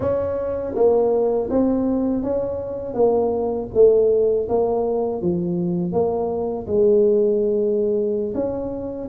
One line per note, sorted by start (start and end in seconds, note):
0.00 0.74 C#4
0.75 1.49 A#3
1.50 2.23 C4
2.23 2.94 C#4
2.94 3.68 A#3
3.73 4.47 A3
4.48 5.21 A#3
5.21 5.92 F3
5.92 6.66 A#3
6.67 8.33 G#3
8.34 9.08 C#4